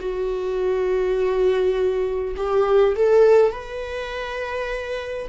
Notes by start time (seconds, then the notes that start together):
0.00 F#4
2.36 G4
2.96 A4
3.52 B4